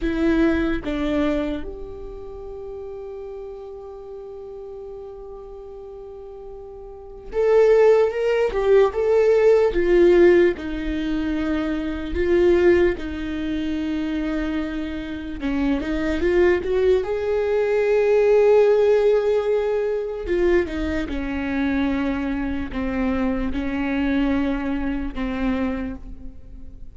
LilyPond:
\new Staff \with { instrumentName = "viola" } { \time 4/4 \tempo 4 = 74 e'4 d'4 g'2~ | g'1~ | g'4 a'4 ais'8 g'8 a'4 | f'4 dis'2 f'4 |
dis'2. cis'8 dis'8 | f'8 fis'8 gis'2.~ | gis'4 f'8 dis'8 cis'2 | c'4 cis'2 c'4 | }